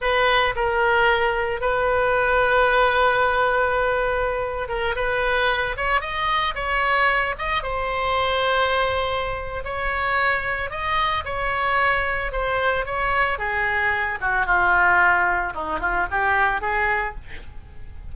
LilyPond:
\new Staff \with { instrumentName = "oboe" } { \time 4/4 \tempo 4 = 112 b'4 ais'2 b'4~ | b'1~ | b'8. ais'8 b'4. cis''8 dis''8.~ | dis''16 cis''4. dis''8 c''4.~ c''16~ |
c''2 cis''2 | dis''4 cis''2 c''4 | cis''4 gis'4. fis'8 f'4~ | f'4 dis'8 f'8 g'4 gis'4 | }